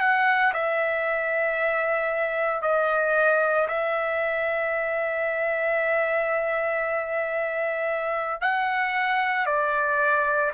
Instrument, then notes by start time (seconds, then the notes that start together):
trumpet
0.00 F#5
0.54 E5
2.62 D#5
3.68 E5
8.42 F#5
9.46 D5